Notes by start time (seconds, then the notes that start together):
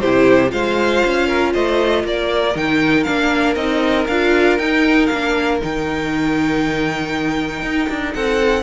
0.00 C3 E4 G4 C5
0.48 G#3 F4 C5 F5
1.05 C#4
1.27 A#4
1.53 A3 C5 D#5
2.04 A#3 A#4 D5
2.55 D#3 D#4 G5
3.03 A#3 D4 F5
3.55 C4 D#4 D#5
4.07 D4 F4 F5
4.58 D#4 G5
5.06 A#3 F5
5.12 D4
5.60 D#3 D#4 G5
7.62 D#4
7.89 D4
8.13 C4 A4 F#5